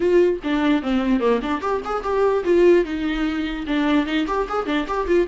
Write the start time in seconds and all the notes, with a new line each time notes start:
0.00 F4
0.43 D4
0.82 C4
1.20 A#3
1.42 D4
1.61 G4
1.84 G#4
2.03 G4
2.44 F4
2.84 D#4
3.66 D4
4.06 D#4
4.27 G4
4.48 G#4
4.66 D4
4.87 G4
5.07 F4